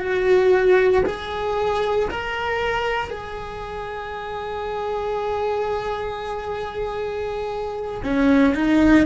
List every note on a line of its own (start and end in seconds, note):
0.00 1.03 F#4
1.06 2.09 G#4
2.11 3.10 A#4
3.10 8.02 G#4
8.04 8.55 C#4
8.55 9.06 D#4